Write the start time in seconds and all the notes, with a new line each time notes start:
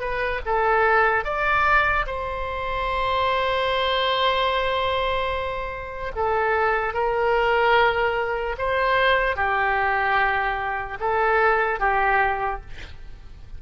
0.00 B4
0.45 A4
1.24 D5
2.06 C5
6.15 A4
6.94 A#4
8.58 C5
9.36 G4
11.00 A4
11.79 G4